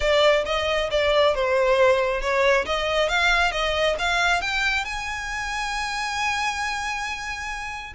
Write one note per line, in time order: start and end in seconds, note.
0.00 0.44 D5
0.45 0.89 D#5
0.90 1.34 D5
1.35 2.21 C5
2.21 2.65 C#5
2.65 3.09 D#5
3.09 3.51 F5
3.51 3.95 D#5
3.98 4.41 F5
4.41 4.84 G5
4.84 7.93 G#5